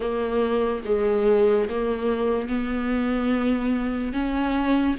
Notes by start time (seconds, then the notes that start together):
0.00 A#3
0.85 G#3
1.69 A#3
2.48 B3
4.12 C#4